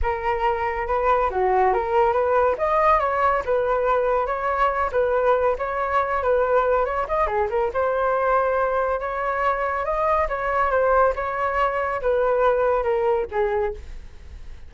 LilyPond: \new Staff \with { instrumentName = "flute" } { \time 4/4 \tempo 4 = 140 ais'2 b'4 fis'4 | ais'4 b'4 dis''4 cis''4 | b'2 cis''4. b'8~ | b'4 cis''4. b'4. |
cis''8 dis''8 gis'8 ais'8 c''2~ | c''4 cis''2 dis''4 | cis''4 c''4 cis''2 | b'2 ais'4 gis'4 | }